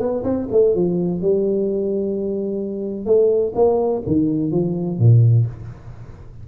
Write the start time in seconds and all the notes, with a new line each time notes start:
0.00 B3
0.24 C4
0.52 A3
0.76 F3
1.22 G3
3.06 A3
3.55 A#3
4.07 D#3
4.52 F3
4.99 A#2